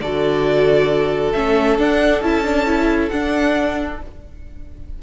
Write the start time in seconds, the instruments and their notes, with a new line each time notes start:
0.00 cello D3, viola F#4, violin A4 D5
1.32 cello A3, viola C#4, violin E5
1.78 cello D4, viola D4, violin F#5
2.21 cello C#4, viola E4, violin A5
2.44 viola D4
2.65 viola E4
3.09 cello D4, viola D4, violin F#5